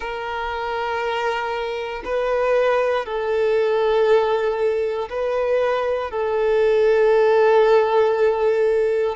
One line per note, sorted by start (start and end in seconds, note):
0.00 2.02 A#4
2.04 3.05 B4
3.05 5.08 A4
5.09 6.10 B4
6.10 9.15 A4